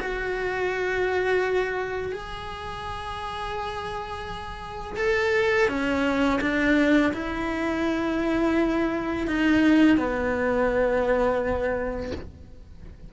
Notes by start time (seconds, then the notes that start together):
0.00 F#4
2.13 G#4
4.97 A4
5.69 C#4
6.42 D4
7.14 E4
9.28 D#4
9.98 B3